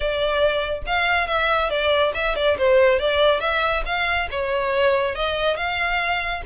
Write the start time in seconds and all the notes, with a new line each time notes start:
0.00 D5
0.86 F5
1.27 E5
1.70 D5
2.14 E5
2.35 D5
2.58 C5
2.99 D5
3.40 E5
3.85 F5
4.30 C#5
5.15 D#5
5.56 F5